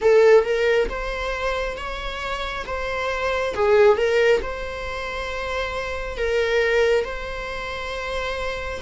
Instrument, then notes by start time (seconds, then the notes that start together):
viola
0.01 A4
0.44 A#4
0.89 C5
1.76 C#5
2.66 C5
3.54 G#4
3.97 A#4
4.42 C5
6.17 A#4
7.04 C5